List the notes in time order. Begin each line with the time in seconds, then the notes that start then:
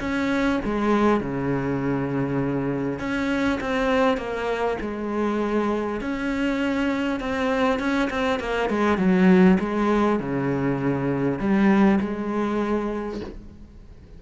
0.00 C#4
0.65 G#3
1.20 C#3
2.99 C#4
3.60 C4
4.17 A#3
4.81 G#3
6.01 C#4
7.20 C4
7.79 C#4
8.10 C4
8.39 A#3
8.69 G#3
8.98 F#3
9.60 G#3
10.19 C#3
11.39 G3
12.00 G#3